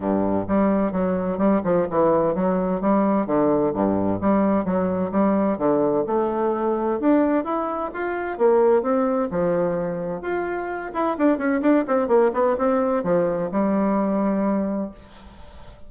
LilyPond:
\new Staff \with { instrumentName = "bassoon" } { \time 4/4 \tempo 4 = 129 g,4 g4 fis4 g8 f8 | e4 fis4 g4 d4 | g,4 g4 fis4 g4 | d4 a2 d'4 |
e'4 f'4 ais4 c'4 | f2 f'4. e'8 | d'8 cis'8 d'8 c'8 ais8 b8 c'4 | f4 g2. | }